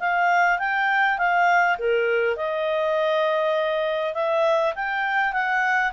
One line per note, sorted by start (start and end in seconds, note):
0.00 0.59 F5
0.59 1.19 G5
1.19 1.78 F5
1.79 2.37 A#4
2.37 4.14 D#5
4.14 4.74 E5
4.76 5.34 G5
5.34 5.93 F#5